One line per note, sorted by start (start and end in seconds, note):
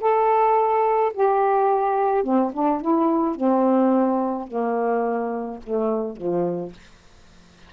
0.00 1.12 A4
1.13 2.23 G4
2.23 2.51 C4
2.53 2.81 D4
2.81 3.35 E4
3.35 4.47 C4
4.47 5.59 A#3
5.64 6.16 A3
6.16 6.72 F3